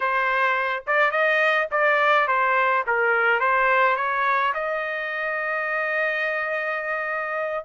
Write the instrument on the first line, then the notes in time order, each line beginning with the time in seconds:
trumpet
0.00 C5
0.86 D5
1.11 D#5
1.71 D5
2.27 C5
2.87 A#4
3.40 C5
3.96 C#5
4.54 D#5